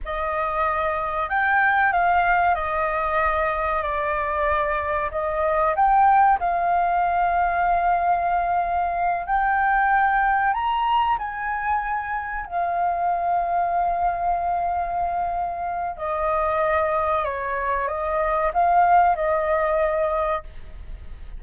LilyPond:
\new Staff \with { instrumentName = "flute" } { \time 4/4 \tempo 4 = 94 dis''2 g''4 f''4 | dis''2 d''2 | dis''4 g''4 f''2~ | f''2~ f''8 g''4.~ |
g''8 ais''4 gis''2 f''8~ | f''1~ | f''4 dis''2 cis''4 | dis''4 f''4 dis''2 | }